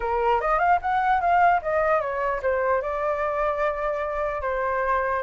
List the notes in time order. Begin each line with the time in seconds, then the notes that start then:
0.00 A#4
0.40 D#5
0.59 F5
0.81 F#5
1.20 F5
1.62 D#5
2.00 C#5
2.42 C5
2.81 D5
4.41 C5